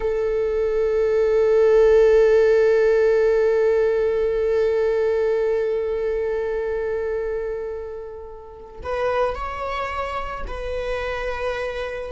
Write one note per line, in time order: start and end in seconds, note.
0.00 8.81 A4
8.82 9.35 B4
9.35 10.44 C#5
10.47 12.11 B4